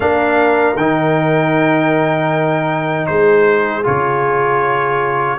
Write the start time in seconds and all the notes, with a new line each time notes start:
0.00 A#3 D4 A#4 F5
0.76 D#3 D#4 G5
3.06 G#3 G#4 C5
3.83 C#3 F4 C#5